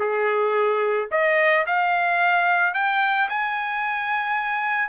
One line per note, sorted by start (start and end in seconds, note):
0.00 1.09 G#4
1.12 1.66 D#5
1.67 2.74 F5
2.74 3.29 G5
3.30 4.89 G#5